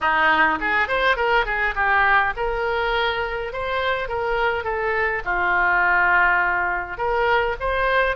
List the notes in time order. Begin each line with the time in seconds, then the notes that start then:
0.00 D#4
0.60 G#4
0.88 C5
1.16 A#4
1.45 G#4
1.75 G4
2.36 A#4
3.52 C5
4.08 A#4
4.64 A4
5.25 F4
6.97 A#4
7.60 C5